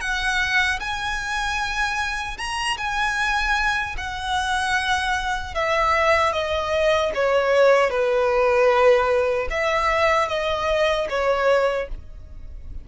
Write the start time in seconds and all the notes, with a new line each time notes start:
0.00 F#5
0.79 G#5
2.37 A#5
2.77 G#5
3.97 F#5
5.54 E5
6.32 D#5
7.14 C#5
7.90 B4
9.50 E5
10.28 D#5
11.09 C#5